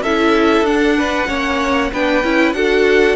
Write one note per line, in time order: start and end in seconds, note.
0.00 0.61 C#4
0.00 0.66 E4
0.00 0.97 A4
0.00 0.66 E5
0.61 1.25 D4
0.61 1.28 D4
0.61 1.92 F#5
0.97 1.28 B4
1.28 1.92 A#3
1.28 1.91 C#4
1.28 1.91 C#5
1.92 2.24 B3
1.92 2.24 D4
1.92 2.56 B4
1.92 2.53 G5
2.24 2.53 C#4
2.24 2.55 E4
2.53 3.16 D4
2.53 3.16 F#4
2.53 3.16 A4
2.53 3.16 F#5